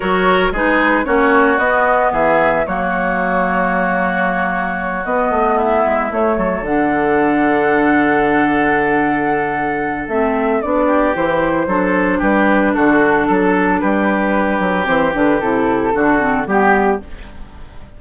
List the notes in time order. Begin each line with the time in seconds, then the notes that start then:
0.00 F#3 F#4 A#4 C#5
0.51 G#3 D#4 G#4 B4
1.04 A#3 C#4 F#4 C#5
1.58 B3 D#5
2.12 E3 G#4 E5
2.66 F#3 A#3 F#4 C#5
5.05 B3 D#5
5.30 A3
5.55 E4 E5
5.85 G#3
6.11 A3 C#5
6.37 F#3 A4
6.61 D3 D4 F#5
10.08 A3 C4 E5
10.61 B3 D4 D5
10.86 G4
11.14 E3 E4 C5
11.66 F#3 D4 A4
12.18 G3 G4 B4
12.74 D3 F#4 A4
13.27 F#3 A4
13.80 G3 G4 B4
14.59 F#3
14.84 E3 C4 C5
15.13 D3 D4 B4
15.40 C3 E4 A4
15.92 D3 D4 F#4
16.18 C4
16.46 G3 B3 G4